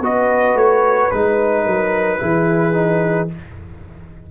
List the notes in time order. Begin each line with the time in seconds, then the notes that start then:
0.00 B3 F#4 B4 D#5
0.54 A3 C#5
1.10 G#3 D#4 B4
1.65 F#3 A#4
2.18 E3 E4 G#4
2.73 D#4